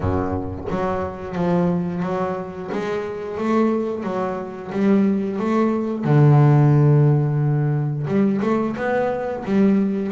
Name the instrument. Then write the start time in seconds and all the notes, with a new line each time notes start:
double bass
0.00 F#2
0.70 F#3
1.35 F3
2.02 F#3
2.72 G#3
3.37 A3
4.03 F#3
4.72 G3
5.39 A3
6.04 D3
8.07 G3
8.42 A3
8.76 B3
9.44 G3